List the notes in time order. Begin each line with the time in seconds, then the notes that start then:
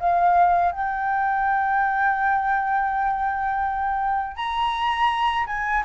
0.00 F5
0.72 G5
4.36 A#5
5.47 G#5